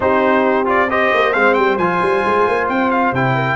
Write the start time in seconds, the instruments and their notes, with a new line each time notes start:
0.00 tuba C4, trombone D#4, horn G4, trumpet C5
0.65 trombone F4, trumpet D5
0.89 trombone G4, horn C5, trumpet D#5
1.13 tuba A#3
1.32 tuba G#3, trombone C4, trumpet F5
1.53 tuba G3, trumpet G5
1.78 tuba F3, trombone F4, trumpet G#5
2.02 tuba G3
2.25 tuba G#3
2.47 tuba A#3
2.68 tuba C4, trumpet G5
2.90 trumpet F5
3.12 tuba C3, trombone E4, trumpet G5
3.34 horn A#4